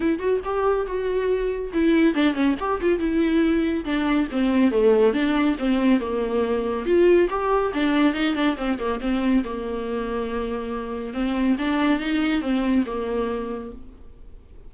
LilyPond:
\new Staff \with { instrumentName = "viola" } { \time 4/4 \tempo 4 = 140 e'8 fis'8 g'4 fis'2 | e'4 d'8 cis'8 g'8 f'8 e'4~ | e'4 d'4 c'4 a4 | d'4 c'4 ais2 |
f'4 g'4 d'4 dis'8 d'8 | c'8 ais8 c'4 ais2~ | ais2 c'4 d'4 | dis'4 c'4 ais2 | }